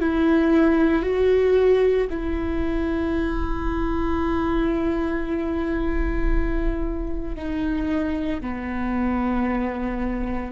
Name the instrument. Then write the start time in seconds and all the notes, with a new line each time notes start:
viola
0.00 E4
1.02 F#4
2.10 E4
7.35 D#4
8.41 B3